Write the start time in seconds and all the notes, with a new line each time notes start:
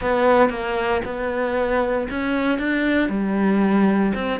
0.01 B3
0.49 A#3
1.04 B3
2.09 C#4
2.58 D4
3.09 G3
4.14 C4